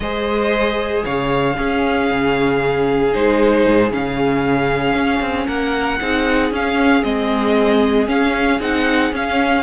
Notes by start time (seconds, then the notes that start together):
0.00 G#3 G#4 C5 D#5
1.04 C#3 C#5 F5
1.55 C#4 G#4
2.10 C#3
3.12 G#3 D#4 C5
3.66 G#2
3.91 C#3 C#4 F5
4.94 C#4
5.20 C4
5.47 A#3 A#4 F#5
6.00 C4 D#4 G#4
6.51 C#4 F5
7.03 G#3 C4 D#5
8.06 C#4 F5
8.59 C4 D#4 F#5
9.12 C#4 F5